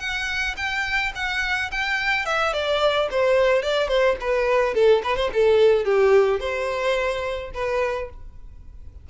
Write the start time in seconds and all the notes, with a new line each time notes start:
0.00 F#5
0.57 G5
1.16 F#5
1.72 G5
2.26 E5
2.54 D5
3.11 C5
3.63 D5
3.88 C5
4.21 B4
4.75 A4
5.04 B4
5.17 C5
5.34 A4
5.85 G4
6.40 C5
7.55 B4